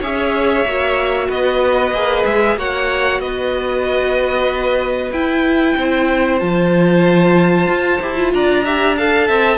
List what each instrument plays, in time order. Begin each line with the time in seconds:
0.00 cello C#4, viola G#4, violin C#5 E5
0.64 cello A#3, viola F#4
1.28 cello B3, violin B4 D#5
1.92 cello A#3, viola G#4
2.25 cello G#3, violin E5
2.56 cello A#3, viola F#4, violin C#5 F#5
3.20 cello B3, violin B4 D#5
5.11 cello E4, viola E4, violin G5
5.77 cello C4, violin C5
6.39 cello F3, viola F4, violin A5
7.68 cello F4
8.01 cello E4, viola G4
8.16 viola F4
8.33 cello D4, violin D5 A#5
8.64 viola G4, violin E5
8.97 viola A4, violin F5 A5
9.28 cello C4, violin E5